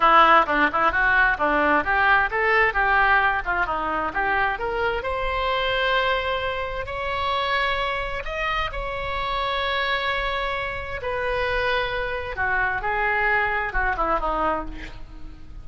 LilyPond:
\new Staff \with { instrumentName = "oboe" } { \time 4/4 \tempo 4 = 131 e'4 d'8 e'8 fis'4 d'4 | g'4 a'4 g'4. f'8 | dis'4 g'4 ais'4 c''4~ | c''2. cis''4~ |
cis''2 dis''4 cis''4~ | cis''1 | b'2. fis'4 | gis'2 fis'8 e'8 dis'4 | }